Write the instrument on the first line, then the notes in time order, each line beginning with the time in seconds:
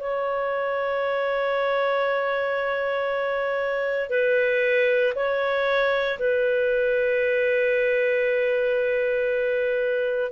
clarinet
0.00 C#5
4.10 B4
5.15 C#5
6.19 B4